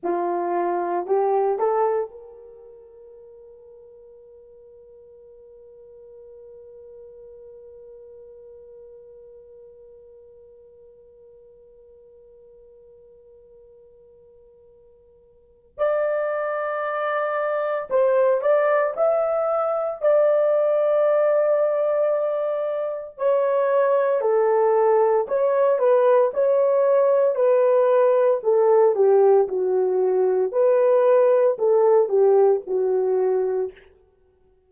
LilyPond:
\new Staff \with { instrumentName = "horn" } { \time 4/4 \tempo 4 = 57 f'4 g'8 a'8 ais'2~ | ais'1~ | ais'1~ | ais'2. d''4~ |
d''4 c''8 d''8 e''4 d''4~ | d''2 cis''4 a'4 | cis''8 b'8 cis''4 b'4 a'8 g'8 | fis'4 b'4 a'8 g'8 fis'4 | }